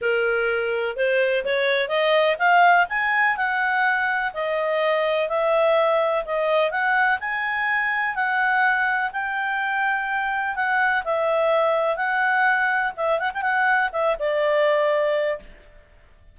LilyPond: \new Staff \with { instrumentName = "clarinet" } { \time 4/4 \tempo 4 = 125 ais'2 c''4 cis''4 | dis''4 f''4 gis''4 fis''4~ | fis''4 dis''2 e''4~ | e''4 dis''4 fis''4 gis''4~ |
gis''4 fis''2 g''4~ | g''2 fis''4 e''4~ | e''4 fis''2 e''8 fis''16 g''16 | fis''4 e''8 d''2~ d''8 | }